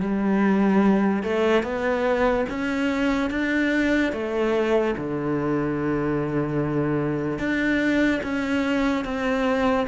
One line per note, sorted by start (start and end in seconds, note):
0.00 1.23 G3
1.23 1.63 A3
1.63 2.45 B3
2.49 3.30 C#4
3.30 4.12 D4
4.12 4.95 A3
4.97 7.39 D3
7.39 8.21 D4
8.23 9.04 C#4
9.04 9.87 C4